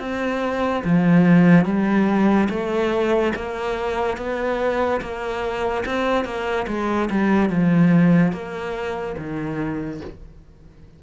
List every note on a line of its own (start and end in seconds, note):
0.00 0.83 C4
0.85 1.66 F3
1.66 2.49 G3
2.50 3.33 A3
3.36 4.18 A#3
4.18 5.01 B3
5.02 5.85 A#3
5.86 6.25 C4
6.25 6.67 A#3
6.68 7.09 G#3
7.11 7.50 G3
7.50 8.33 F3
8.33 9.16 A#3
9.18 10.02 D#3